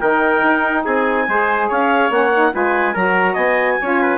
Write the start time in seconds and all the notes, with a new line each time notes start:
0.00 D#3 D#4 A#4 G5
0.43 D#4
0.84 C4 G#4 G#5
1.28 G#3 G#4 C5
1.69 C#4 C#5 F5
2.10 A#3 C#4 F#5
2.34 D#4
2.52 G#3 F4 B4 G#5
2.94 F#3 F#4 A#4 A#5
3.33 B3 D#5 G#5
3.81 C#4 F4 C#5
4.01 B4